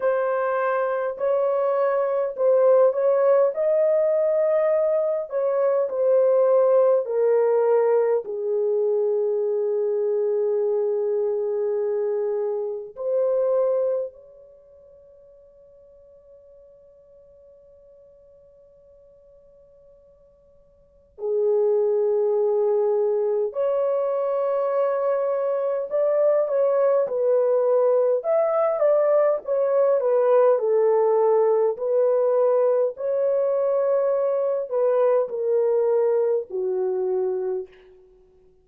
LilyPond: \new Staff \with { instrumentName = "horn" } { \time 4/4 \tempo 4 = 51 c''4 cis''4 c''8 cis''8 dis''4~ | dis''8 cis''8 c''4 ais'4 gis'4~ | gis'2. c''4 | cis''1~ |
cis''2 gis'2 | cis''2 d''8 cis''8 b'4 | e''8 d''8 cis''8 b'8 a'4 b'4 | cis''4. b'8 ais'4 fis'4 | }